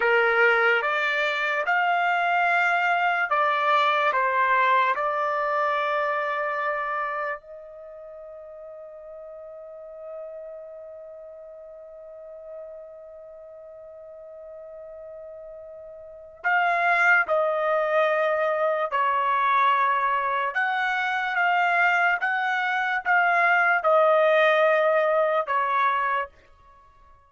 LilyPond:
\new Staff \with { instrumentName = "trumpet" } { \time 4/4 \tempo 4 = 73 ais'4 d''4 f''2 | d''4 c''4 d''2~ | d''4 dis''2.~ | dis''1~ |
dis''1 | f''4 dis''2 cis''4~ | cis''4 fis''4 f''4 fis''4 | f''4 dis''2 cis''4 | }